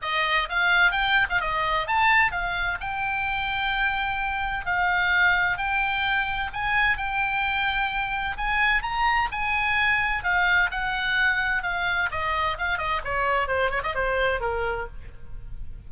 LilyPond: \new Staff \with { instrumentName = "oboe" } { \time 4/4 \tempo 4 = 129 dis''4 f''4 g''8. f''16 dis''4 | a''4 f''4 g''2~ | g''2 f''2 | g''2 gis''4 g''4~ |
g''2 gis''4 ais''4 | gis''2 f''4 fis''4~ | fis''4 f''4 dis''4 f''8 dis''8 | cis''4 c''8 cis''16 dis''16 c''4 ais'4 | }